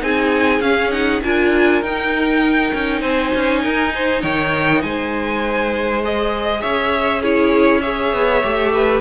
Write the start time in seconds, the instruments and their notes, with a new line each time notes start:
0.00 cello C4, viola D#4, violin G#4 G#5
0.60 cello C#4, viola C#4, violin F5
0.90 viola D#4, violin F#5
1.22 cello D4, viola F4, violin A#4 G#5
1.82 cello D#4, viola D#4, violin G5
2.73 cello C#4
3.01 cello C4, violin C5 G#5
3.35 cello C#4
3.62 cello D#4, violin A#4
3.94 violin C5
4.22 cello D#3, violin C#5 G5
4.82 cello G#3, violin C5 G#5
6.03 viola G#4, violin D#5
6.61 cello C#4, violin C#5 E5
7.21 viola E4, violin G#4 C#5
7.81 viola G#4, violin C#5 E5
8.13 cello B3
8.42 cello A3, viola G4
8.74 violin B4